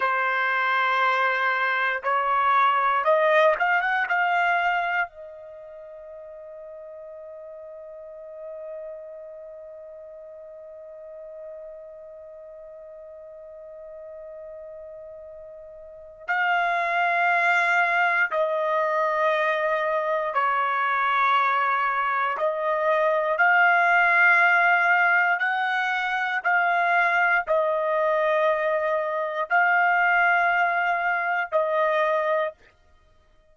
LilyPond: \new Staff \with { instrumentName = "trumpet" } { \time 4/4 \tempo 4 = 59 c''2 cis''4 dis''8 f''16 fis''16 | f''4 dis''2.~ | dis''1~ | dis''1 |
f''2 dis''2 | cis''2 dis''4 f''4~ | f''4 fis''4 f''4 dis''4~ | dis''4 f''2 dis''4 | }